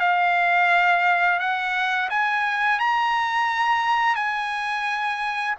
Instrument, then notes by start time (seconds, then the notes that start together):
trumpet
0.00 F5
1.40 F#5
2.10 G#5
2.80 A#5
4.16 G#5